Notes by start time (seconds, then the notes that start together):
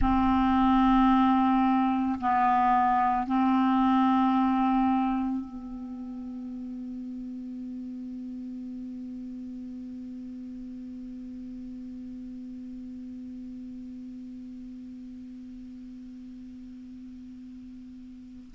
0.00 C4
2.20 B3
3.27 C4
5.44 B3